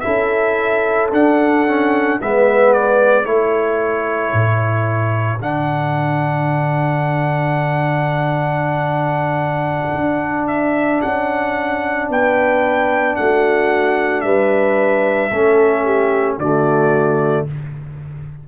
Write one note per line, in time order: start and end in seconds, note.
0.00 1.10 E4
0.00 2.19 A4
0.00 1.07 E5
0.06 1.12 C#4
1.12 2.19 D4
1.12 1.67 D4
1.12 2.21 F#5
1.67 2.21 C#4
2.21 3.25 G#3
2.21 3.24 B3
2.21 3.27 B4
2.21 2.73 E5
2.73 3.25 D5
3.24 4.32 A3
3.24 5.39 E4
3.24 12.10 A4
3.24 5.40 C#5
4.33 5.40 A2
5.40 9.95 D3
5.40 15.31 D4
5.40 10.47 F#5
9.95 11.02 D4
10.47 11.01 E5
11.02 12.09 C#4
11.02 12.09 F#5
12.09 13.17 B3
12.09 13.17 B4
12.09 13.16 G5
13.16 14.23 A3
13.16 14.25 F#4
13.16 14.21 F#5
14.21 15.31 G3
14.21 15.31 B4
14.21 16.35 E5
15.31 16.38 A3
15.31 16.41 C#4
15.31 15.84 A4
15.84 16.38 G4
16.38 17.45 D3
16.38 17.48 A3
16.38 17.46 F#4
16.38 17.46 D5